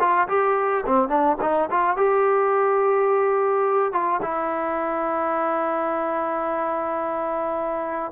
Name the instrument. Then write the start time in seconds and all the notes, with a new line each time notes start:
trombone
0.00 F4
0.28 G4
0.86 C4
1.09 D4
1.41 D#4
1.71 F4
1.97 G4
3.93 F4
4.22 E4